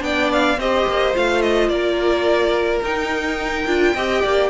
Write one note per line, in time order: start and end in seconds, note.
0.00 0.57 B3
0.00 0.56 D4
0.00 0.59 D5
0.00 0.31 G5
0.32 0.59 F5
0.57 0.85 C4
0.57 1.13 G4
0.57 1.71 C5
0.57 1.15 D#5
0.87 1.15 A#3
1.13 1.69 A3
1.13 2.81 F4
1.13 1.41 F5
1.41 1.68 D#5
1.68 2.81 A#3
1.68 3.94 A#4
1.68 2.80 D5
2.82 3.66 D#4
2.82 3.67 D#4
2.82 4.49 G5
3.66 3.94 D4
3.66 3.95 F4
3.94 4.23 C4
3.94 4.49 G4
3.94 4.21 D#5
4.21 4.49 A#3
4.21 4.49 D5